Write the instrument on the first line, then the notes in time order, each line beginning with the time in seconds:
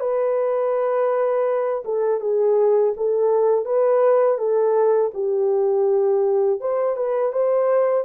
horn
0.00 B4
1.85 A4
2.20 G#4
2.97 A4
3.65 B4
4.38 A4
5.14 G4
6.60 C5
6.96 B4
7.32 C5